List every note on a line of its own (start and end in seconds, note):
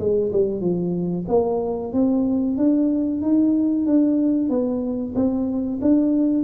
0.00 0.32 G#3
0.33 0.61 G3
0.61 1.26 F3
1.29 1.93 A#3
1.93 2.58 C4
2.58 3.22 D4
3.22 3.87 D#4
3.87 4.50 D4
4.50 5.14 B3
5.16 5.80 C4
5.82 6.44 D4